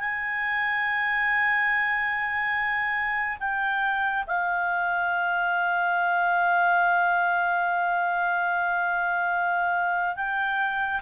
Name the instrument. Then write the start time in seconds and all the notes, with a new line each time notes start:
clarinet
0.00 G#5
3.40 G5
4.27 F5
10.16 G5